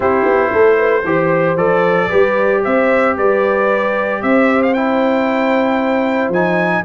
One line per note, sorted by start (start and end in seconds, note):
0.00 0.24 C4
0.00 1.02 E4
0.00 0.51 G4
0.00 1.57 C5
0.24 0.51 B3
0.52 1.04 A3
0.52 0.77 A4
0.77 1.03 B4
1.04 1.56 E3
1.04 1.57 G4
1.04 2.08 C5
1.56 2.09 F3
1.56 2.10 A4
1.56 2.62 D5
2.08 2.65 G3
2.08 4.73 G4
2.08 2.61 B4
2.63 3.17 C4
2.63 3.16 C5
2.63 3.16 E5
3.16 4.22 G3
3.16 4.21 B4
3.16 4.22 D5
4.21 6.28 C4
4.21 6.84 C5
4.21 4.62 E5
4.62 4.73 F5
4.73 6.33 E4
4.73 6.31 G5
6.28 6.81 F3
6.28 6.84 D#4
6.28 6.84 G#5